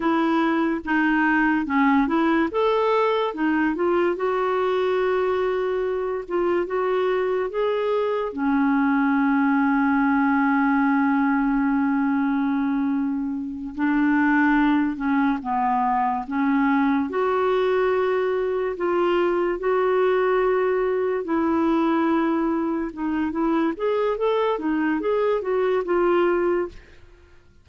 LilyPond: \new Staff \with { instrumentName = "clarinet" } { \time 4/4 \tempo 4 = 72 e'4 dis'4 cis'8 e'8 a'4 | dis'8 f'8 fis'2~ fis'8 f'8 | fis'4 gis'4 cis'2~ | cis'1~ |
cis'8 d'4. cis'8 b4 cis'8~ | cis'8 fis'2 f'4 fis'8~ | fis'4. e'2 dis'8 | e'8 gis'8 a'8 dis'8 gis'8 fis'8 f'4 | }